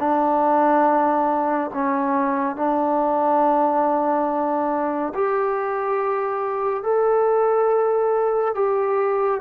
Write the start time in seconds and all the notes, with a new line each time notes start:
0.00 D4
1.74 C#4
2.56 D4
5.15 G4
6.84 A4
8.56 G4